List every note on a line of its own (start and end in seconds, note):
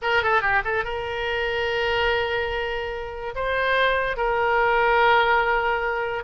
0.02 0.23 A#4
0.23 0.41 A4
0.41 0.62 G4
0.64 0.84 A4
0.84 3.34 A#4
3.35 4.16 C5
4.16 6.23 A#4